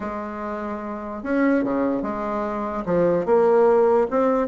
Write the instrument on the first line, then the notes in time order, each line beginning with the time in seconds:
bassoon
0.00 G#3
1.23 C#4
1.63 C#3
2.02 G#3
2.85 F3
3.25 A#3
4.10 C4